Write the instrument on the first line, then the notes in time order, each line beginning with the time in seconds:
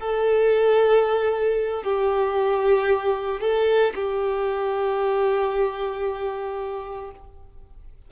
violin
0.00 A4
1.83 G4
3.41 A4
3.95 G4